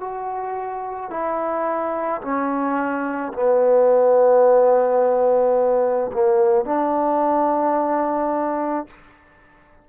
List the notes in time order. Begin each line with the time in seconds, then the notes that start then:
0.00 F#4
1.10 E4
2.21 C#4
3.33 B3
6.13 A#3
6.65 D4